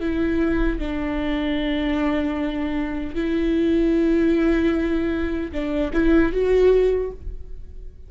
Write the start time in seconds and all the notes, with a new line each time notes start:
0.00 E4
0.79 D4
3.15 E4
5.52 D4
5.93 E4
6.32 F#4